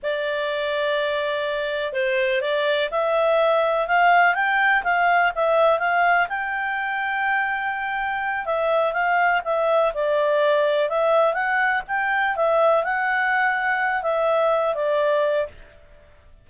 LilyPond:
\new Staff \with { instrumentName = "clarinet" } { \time 4/4 \tempo 4 = 124 d''1 | c''4 d''4 e''2 | f''4 g''4 f''4 e''4 | f''4 g''2.~ |
g''4. e''4 f''4 e''8~ | e''8 d''2 e''4 fis''8~ | fis''8 g''4 e''4 fis''4.~ | fis''4 e''4. d''4. | }